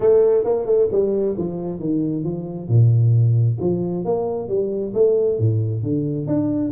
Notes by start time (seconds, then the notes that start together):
0.00 A3
0.44 A#3
0.65 A3
0.91 G3
1.37 F3
1.79 D#3
2.24 F3
2.68 A#2
3.60 F3
4.04 A#3
4.48 G3
4.94 A3
5.38 A2
5.82 D3
6.26 D4